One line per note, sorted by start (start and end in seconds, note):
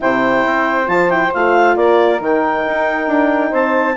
0.00 0.46 C3
0.00 0.86 E4
0.00 1.77 C5
0.00 0.88 G5
0.46 0.87 C4
0.86 1.32 F3
0.86 1.08 F4
0.86 1.10 A5
1.09 1.31 E4
1.09 1.32 G5
1.33 1.76 A3
1.33 2.20 F4
1.33 1.76 F5
1.76 2.20 A#3
1.76 3.50 A#4
1.76 2.20 D5
2.20 2.64 D#3
2.20 3.96 D#4
2.20 3.53 G5
2.67 3.07 D#4
3.07 3.51 D4
3.50 3.96 C4
3.50 3.94 C5
3.50 3.97 A5